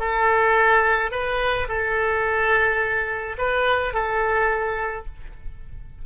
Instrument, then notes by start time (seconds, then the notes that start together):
oboe
0.00 A4
1.12 B4
1.69 A4
3.38 B4
3.94 A4